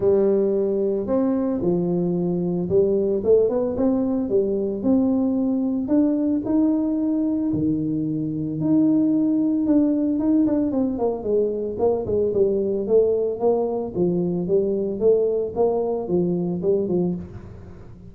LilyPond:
\new Staff \with { instrumentName = "tuba" } { \time 4/4 \tempo 4 = 112 g2 c'4 f4~ | f4 g4 a8 b8 c'4 | g4 c'2 d'4 | dis'2 dis2 |
dis'2 d'4 dis'8 d'8 | c'8 ais8 gis4 ais8 gis8 g4 | a4 ais4 f4 g4 | a4 ais4 f4 g8 f8 | }